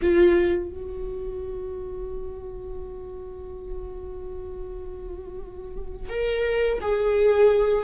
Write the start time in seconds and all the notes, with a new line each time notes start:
0.02 F4
0.70 F#4
6.09 A#4
6.81 G#4